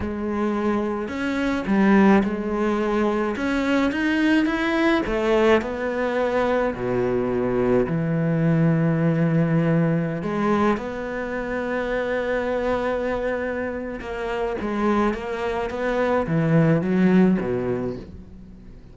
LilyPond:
\new Staff \with { instrumentName = "cello" } { \time 4/4 \tempo 4 = 107 gis2 cis'4 g4 | gis2 cis'4 dis'4 | e'4 a4 b2 | b,2 e2~ |
e2~ e16 gis4 b8.~ | b1~ | b4 ais4 gis4 ais4 | b4 e4 fis4 b,4 | }